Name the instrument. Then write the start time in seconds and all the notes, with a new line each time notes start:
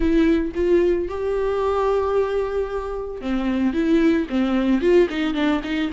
viola
0.00 E4
0.55 F4
1.08 G4
3.21 C4
3.73 E4
4.29 C4
4.81 F4
5.09 D#4
5.34 D4
5.63 D#4